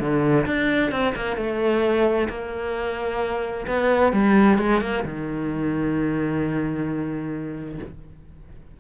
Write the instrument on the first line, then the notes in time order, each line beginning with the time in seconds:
cello
0.00 D3
0.46 D4
0.91 C4
1.15 A#3
1.37 A3
2.29 A#3
3.67 B3
4.13 G3
4.58 G#3
4.81 A#3
5.04 D#3